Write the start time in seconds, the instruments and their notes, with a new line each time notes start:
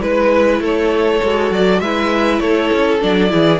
0.00 cello G#3, viola E4, violin B4
0.60 cello A3, violin A4 C#5
1.23 cello G#3, viola F#4
1.51 cello F#3, violin D5
1.80 cello G#3, viola E4, violin B4 E5
2.39 cello A3, violin A4 C#5
2.72 cello C#4
3.00 cello F#3, viola D4, violin D5
3.28 cello E3, viola E4, violin G#4